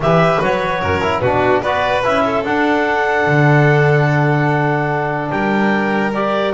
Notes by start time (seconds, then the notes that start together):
0.00 E3 G4 B4 E5
0.41 F#3 F#4 C#5
0.80 F#2 A#4
1.01 E4
1.19 B2 D4 F#4 B4
1.62 B3 F#4 B4 D5
2.04 C#4 E4 E5
2.25 A4
2.43 D4 F#5
3.26 D3
5.30 G3 A#4 G5
6.13 G4 D5